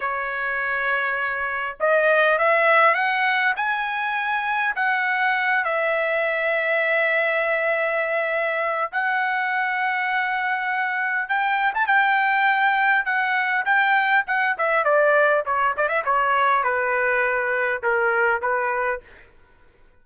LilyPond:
\new Staff \with { instrumentName = "trumpet" } { \time 4/4 \tempo 4 = 101 cis''2. dis''4 | e''4 fis''4 gis''2 | fis''4. e''2~ e''8~ | e''2. fis''4~ |
fis''2. g''8. a''16 | g''2 fis''4 g''4 | fis''8 e''8 d''4 cis''8 d''16 e''16 cis''4 | b'2 ais'4 b'4 | }